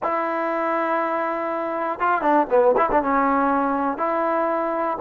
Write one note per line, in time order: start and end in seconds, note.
0.02 1.99 E4
1.99 2.21 F4
2.21 2.46 D4
2.50 2.75 B3
2.77 2.89 E4
2.91 3.02 D4
3.02 3.97 C#4
3.97 4.97 E4